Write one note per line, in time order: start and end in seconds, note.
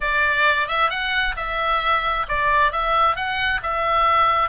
0.00 0.68 D5
0.68 0.90 E5
0.90 1.35 F#5
1.36 2.26 E5
2.28 2.71 D5
2.71 3.15 E5
3.15 3.60 F#5
3.62 4.49 E5